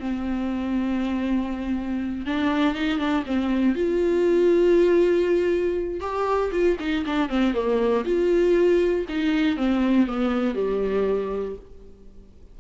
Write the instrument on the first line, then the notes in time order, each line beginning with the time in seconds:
viola
0.00 C4
2.26 D4
2.75 D#4
2.98 D4
3.26 C4
3.75 F4
6.01 G4
6.52 F4
6.80 D#4
7.06 D4
7.29 C4
7.54 A#3
8.05 F4
9.09 D#4
9.57 C4
10.07 B3
10.55 G3